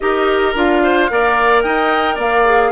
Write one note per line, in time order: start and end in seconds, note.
0.00 0.55 D#4
0.00 0.55 G4
0.00 0.83 A#4
0.00 0.55 D#5
0.55 1.10 D4
0.55 1.09 F4
0.55 1.62 F5
0.83 1.10 C5
1.09 1.63 A#3
1.09 2.45 A#4
1.09 1.63 D5
1.62 2.17 D#4
1.62 2.15 D#5
1.62 2.17 G5
2.15 2.72 A#3
2.15 2.69 D5
2.15 2.72 F5
2.45 2.72 G#4